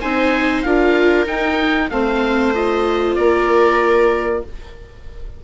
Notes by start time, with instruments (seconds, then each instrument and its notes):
0.00 bassoon C4, viola D#4 C5, oboe G#5
0.62 bassoon D4, viola F4 A#4, oboe F5
1.25 viola D#4, bassoon D#4, oboe G5
1.90 bassoon A3, viola C4 C5, oboe F5
2.54 viola F4, oboe D#5
3.15 bassoon A#3, viola A#4, oboe D5